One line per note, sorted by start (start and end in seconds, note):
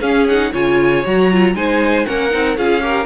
0.00 0.26 C#4
0.00 0.51 C#4
0.00 0.51 G#4
0.00 0.26 F5
0.27 0.52 D#4
0.27 0.53 F#5
0.51 1.05 C#3
0.51 1.03 F4
0.51 1.53 C#5
0.51 1.05 G#5
1.04 1.54 F#3
1.04 1.30 F#4
1.04 1.55 A#5
1.31 1.55 F4
1.54 2.05 G#3
1.54 2.05 D#4
1.54 2.07 C5
1.54 2.05 G#5
2.05 2.33 A#3
2.05 2.30 C#4
2.05 2.57 A#4
2.05 2.56 F#5
2.30 2.56 C4
2.30 2.56 D#4
2.56 3.05 C#4
2.56 2.81 F4
2.56 2.83 G#4
2.56 3.05 F5
2.81 3.05 G4
2.81 3.05 A#4